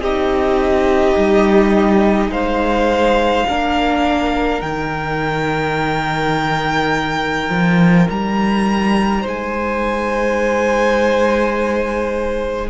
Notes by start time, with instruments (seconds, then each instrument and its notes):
0.00 cello C4, viola D#4, violin G4 D#5
1.17 cello G3
2.28 cello G#3, violin C5 F5
3.47 cello A#3, viola D4, violin A#4
4.62 cello D#3, viola D#4, violin G5
7.49 cello F3
8.10 cello G3, violin A#5
9.21 cello G#3, violin C5
9.28 violin G#5